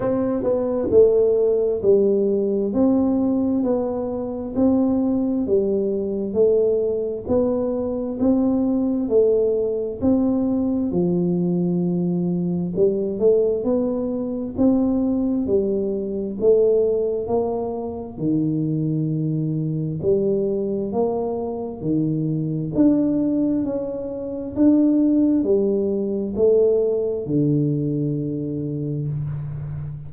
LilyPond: \new Staff \with { instrumentName = "tuba" } { \time 4/4 \tempo 4 = 66 c'8 b8 a4 g4 c'4 | b4 c'4 g4 a4 | b4 c'4 a4 c'4 | f2 g8 a8 b4 |
c'4 g4 a4 ais4 | dis2 g4 ais4 | dis4 d'4 cis'4 d'4 | g4 a4 d2 | }